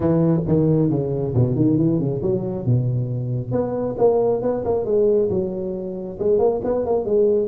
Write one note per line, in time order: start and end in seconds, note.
0.00 0.40 E3
0.47 0.89 D#3
0.89 1.34 C#3
1.34 1.55 B2
1.55 1.77 D#3
1.77 1.99 E3
1.99 2.21 C#3
2.22 2.65 F#3
2.65 3.51 B2
3.51 3.95 B3
3.98 4.42 A#3
4.42 4.64 B3
4.64 4.85 A#3
4.85 5.29 G#3
5.30 6.18 F#3
6.19 6.39 G#3
6.39 6.61 A#3
6.64 6.85 B3
6.85 7.05 A#3
7.05 7.48 G#3